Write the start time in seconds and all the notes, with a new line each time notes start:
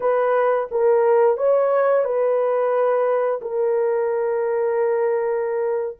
0.00 B4
0.71 A#4
1.37 C#5
2.04 B4
3.41 A#4